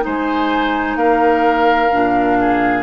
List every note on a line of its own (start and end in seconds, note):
0.00 0.96 G#3
0.00 1.88 D#4
0.00 0.97 C5
0.00 0.96 G#5
0.96 1.89 A#3
0.96 2.38 A#4
0.96 2.83 F5
1.92 2.83 A#2
1.92 2.83 D4
2.40 2.83 G#4